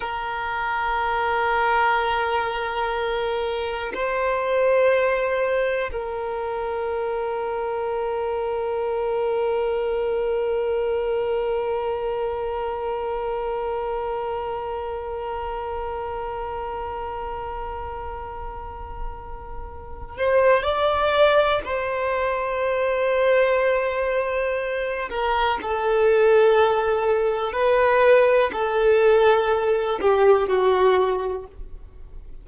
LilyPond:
\new Staff \with { instrumentName = "violin" } { \time 4/4 \tempo 4 = 61 ais'1 | c''2 ais'2~ | ais'1~ | ais'1~ |
ais'1~ | ais'8 c''8 d''4 c''2~ | c''4. ais'8 a'2 | b'4 a'4. g'8 fis'4 | }